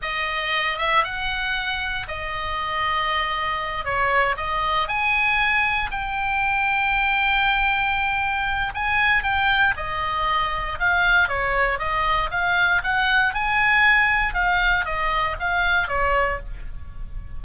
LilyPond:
\new Staff \with { instrumentName = "oboe" } { \time 4/4 \tempo 4 = 117 dis''4. e''8 fis''2 | dis''2.~ dis''8 cis''8~ | cis''8 dis''4 gis''2 g''8~ | g''1~ |
g''4 gis''4 g''4 dis''4~ | dis''4 f''4 cis''4 dis''4 | f''4 fis''4 gis''2 | f''4 dis''4 f''4 cis''4 | }